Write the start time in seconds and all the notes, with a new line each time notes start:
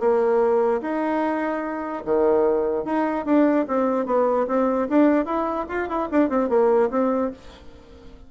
0.00 A#3
0.81 D#4
2.05 D#3
2.85 D#4
3.25 D4
3.68 C4
4.06 B3
4.48 C4
4.89 D4
5.26 E4
5.69 F4
5.89 E4
6.11 D4
6.30 C4
6.49 A#3
6.90 C4